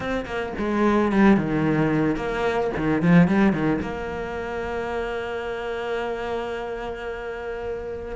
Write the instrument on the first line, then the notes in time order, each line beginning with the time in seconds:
cello
0.00 C4
0.25 A#3
0.58 G#3
1.12 G3
1.36 D#3
2.16 A#3
2.76 D#3
3.01 F3
3.27 G3
3.52 D#3
3.81 A#3